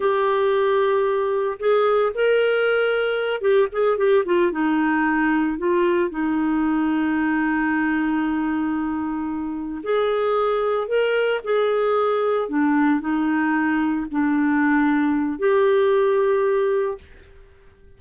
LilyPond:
\new Staff \with { instrumentName = "clarinet" } { \time 4/4 \tempo 4 = 113 g'2. gis'4 | ais'2~ ais'8 g'8 gis'8 g'8 | f'8 dis'2 f'4 dis'8~ | dis'1~ |
dis'2~ dis'8 gis'4.~ | gis'8 ais'4 gis'2 d'8~ | d'8 dis'2 d'4.~ | d'4 g'2. | }